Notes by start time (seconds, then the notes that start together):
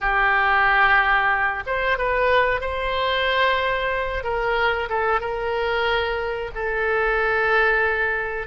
0.00 G4
1.66 C5
1.97 B4
2.60 C5
4.23 A#4
4.89 A4
5.20 A#4
6.54 A4